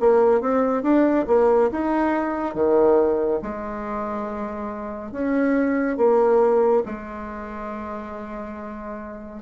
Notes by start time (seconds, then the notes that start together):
0.00 A#3
0.41 C4
0.83 D4
1.27 A#3
1.71 D#4
2.54 D#3
3.42 G#3
5.12 C#4
5.97 A#3
6.85 G#3